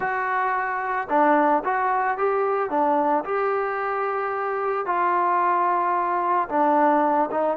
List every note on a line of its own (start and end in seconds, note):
0.00 1.08 F#4
1.09 1.63 D4
1.64 2.17 F#4
2.17 2.70 G4
2.70 3.24 D4
3.24 4.86 G4
4.86 6.48 F4
6.48 7.29 D4
7.31 7.57 D#4